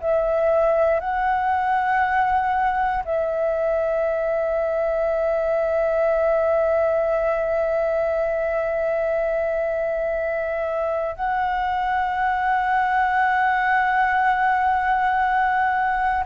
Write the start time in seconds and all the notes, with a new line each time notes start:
0.00 E5
1.00 F#5
3.04 E5
11.15 F#5